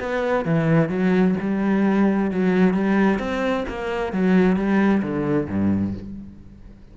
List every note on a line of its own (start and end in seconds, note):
0.00 0.45 B3
0.45 0.89 E3
0.89 1.35 F#3
1.41 2.31 G3
2.31 2.74 F#3
2.74 3.19 G3
3.19 3.65 C4
3.69 4.13 A#3
4.13 4.57 F#3
4.57 5.02 G3
5.03 5.48 D3
5.49 5.94 G2